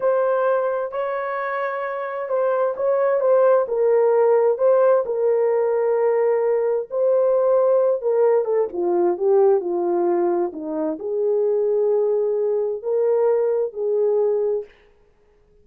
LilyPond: \new Staff \with { instrumentName = "horn" } { \time 4/4 \tempo 4 = 131 c''2 cis''2~ | cis''4 c''4 cis''4 c''4 | ais'2 c''4 ais'4~ | ais'2. c''4~ |
c''4. ais'4 a'8 f'4 | g'4 f'2 dis'4 | gis'1 | ais'2 gis'2 | }